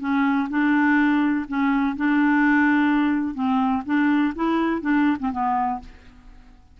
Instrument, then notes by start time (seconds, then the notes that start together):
clarinet
0.00 C#4
0.50 D4
1.48 C#4
1.96 D4
3.34 C4
3.86 D4
4.35 E4
4.81 D4
5.19 C4
5.32 B3